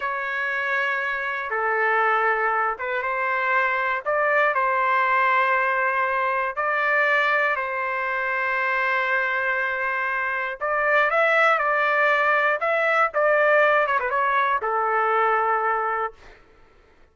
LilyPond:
\new Staff \with { instrumentName = "trumpet" } { \time 4/4 \tempo 4 = 119 cis''2. a'4~ | a'4. b'8 c''2 | d''4 c''2.~ | c''4 d''2 c''4~ |
c''1~ | c''4 d''4 e''4 d''4~ | d''4 e''4 d''4. cis''16 b'16 | cis''4 a'2. | }